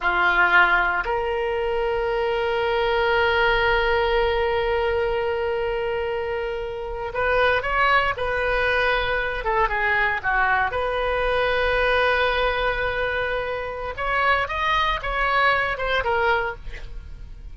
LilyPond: \new Staff \with { instrumentName = "oboe" } { \time 4/4 \tempo 4 = 116 f'2 ais'2~ | ais'1~ | ais'1~ | ais'4.~ ais'16 b'4 cis''4 b'16~ |
b'2~ b'16 a'8 gis'4 fis'16~ | fis'8. b'2.~ b'16~ | b'2. cis''4 | dis''4 cis''4. c''8 ais'4 | }